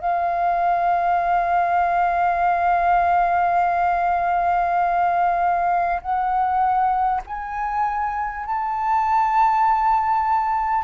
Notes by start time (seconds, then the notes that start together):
0.00 F5
6.01 F#5
7.27 G#5
8.45 A5